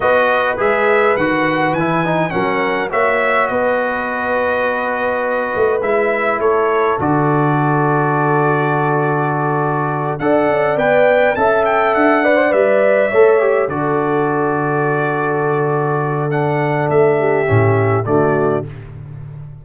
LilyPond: <<
  \new Staff \with { instrumentName = "trumpet" } { \time 4/4 \tempo 4 = 103 dis''4 e''4 fis''4 gis''4 | fis''4 e''4 dis''2~ | dis''2 e''4 cis''4 | d''1~ |
d''4. fis''4 g''4 a''8 | g''8 fis''4 e''2 d''8~ | d''1 | fis''4 e''2 d''4 | }
  \new Staff \with { instrumentName = "horn" } { \time 4/4 b'1 | ais'4 cis''4 b'2~ | b'2. a'4~ | a'1~ |
a'4. d''2 e''8~ | e''4 d''4. cis''4 a'8~ | a'1~ | a'4. g'4. fis'4 | }
  \new Staff \with { instrumentName = "trombone" } { \time 4/4 fis'4 gis'4 fis'4 e'8 dis'8 | cis'4 fis'2.~ | fis'2 e'2 | fis'1~ |
fis'4. a'4 b'4 a'8~ | a'4 b'16 c''16 b'4 a'8 g'8 fis'8~ | fis'1 | d'2 cis'4 a4 | }
  \new Staff \with { instrumentName = "tuba" } { \time 4/4 b4 gis4 dis4 e4 | fis4 ais4 b2~ | b4. a8 gis4 a4 | d1~ |
d4. d'8 cis'8 b4 cis'8~ | cis'8 d'4 g4 a4 d8~ | d1~ | d4 a4 a,4 d4 | }
>>